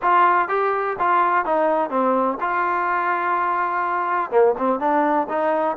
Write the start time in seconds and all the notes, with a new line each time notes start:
0.02 F4
0.48 G4
0.99 F4
1.45 D#4
1.90 C4
2.40 F4
4.30 A#3
4.58 C4
4.79 D4
5.28 D#4